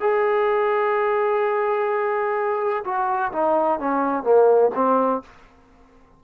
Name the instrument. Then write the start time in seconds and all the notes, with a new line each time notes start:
trombone
0.00 G#4
2.85 F#4
3.32 D#4
3.79 C#4
4.23 A#3
4.75 C4